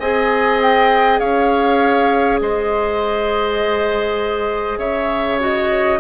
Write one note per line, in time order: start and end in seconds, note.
0.00 1.20 C4
0.00 5.40 G#4
0.00 1.20 D#5
0.00 0.60 G#5
0.62 1.19 G5
1.19 2.41 C#4
1.19 2.40 C#5
1.19 2.39 F5
2.41 4.78 G#3
2.41 4.79 C5
2.41 4.79 D#5
4.78 5.98 C#3
4.78 5.99 C#5
4.78 5.39 E5
5.40 6.00 F#4
5.40 6.00 D#5